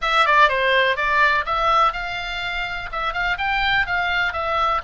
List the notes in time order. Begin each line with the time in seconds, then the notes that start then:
0.01 E5
0.25 D5
0.49 C5
0.96 D5
1.45 E5
1.92 F5
2.92 E5
3.13 F5
3.38 G5
3.86 F5
4.33 E5